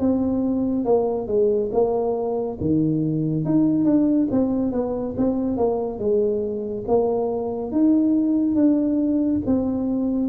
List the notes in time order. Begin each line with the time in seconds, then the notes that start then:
0.00 C4
0.85 A#3
1.27 G#3
1.73 A#3
2.61 D#3
3.45 D#4
3.85 D4
4.32 C4
4.73 B3
5.17 C4
5.58 A#3
5.99 G#3
6.88 A#3
7.72 D#4
8.56 D4
9.46 C4